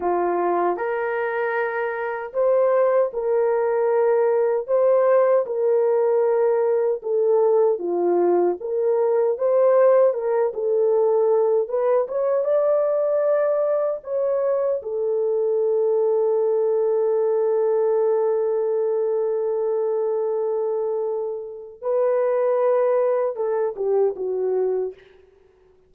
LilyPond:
\new Staff \with { instrumentName = "horn" } { \time 4/4 \tempo 4 = 77 f'4 ais'2 c''4 | ais'2 c''4 ais'4~ | ais'4 a'4 f'4 ais'4 | c''4 ais'8 a'4. b'8 cis''8 |
d''2 cis''4 a'4~ | a'1~ | a'1 | b'2 a'8 g'8 fis'4 | }